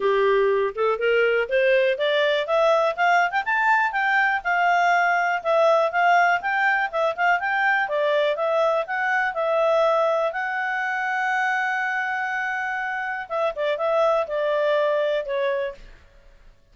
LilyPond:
\new Staff \with { instrumentName = "clarinet" } { \time 4/4 \tempo 4 = 122 g'4. a'8 ais'4 c''4 | d''4 e''4 f''8. g''16 a''4 | g''4 f''2 e''4 | f''4 g''4 e''8 f''8 g''4 |
d''4 e''4 fis''4 e''4~ | e''4 fis''2.~ | fis''2. e''8 d''8 | e''4 d''2 cis''4 | }